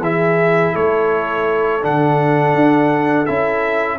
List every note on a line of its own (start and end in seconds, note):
0.00 0.72 E3
0.00 1.82 E4
0.00 0.73 G#4
0.00 0.75 E5
0.73 1.84 A3
0.73 3.98 A4
0.73 1.84 C#5
1.82 2.54 D3
1.82 3.26 D4
1.82 3.26 F#5
2.54 3.27 D4
3.26 3.98 C#4
3.26 3.98 E4
3.26 3.98 E5